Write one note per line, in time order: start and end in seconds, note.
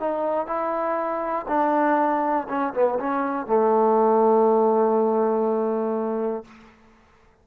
0.00 0.47 D#4
0.47 1.46 E4
1.48 2.47 D4
2.49 2.73 C#4
2.74 2.98 B3
3.00 3.47 C#4
3.47 6.44 A3